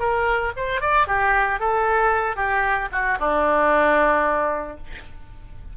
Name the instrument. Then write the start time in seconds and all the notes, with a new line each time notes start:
oboe
0.00 A#4
0.57 C5
0.82 D5
1.08 G4
1.60 A4
2.36 G4
2.92 F#4
3.20 D4